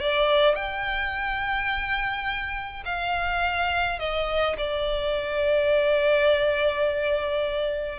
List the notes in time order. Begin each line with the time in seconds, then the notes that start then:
0.00 D5
0.55 G5
2.85 F5
3.99 D#5
4.58 D5